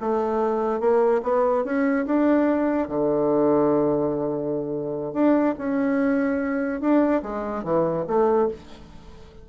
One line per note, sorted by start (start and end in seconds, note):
0.00 0.80 A3
0.80 1.21 A#3
1.23 1.64 B3
1.64 2.05 C#4
2.06 2.88 D4
2.88 5.13 D3
5.13 5.54 D4
5.58 6.81 C#4
6.81 7.22 D4
7.22 7.63 G#3
7.63 8.05 E3
8.07 8.48 A3